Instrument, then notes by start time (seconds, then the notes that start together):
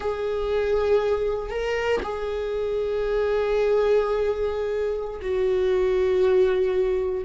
viola
0.00 G#4
1.50 A#4
2.02 G#4
5.21 F#4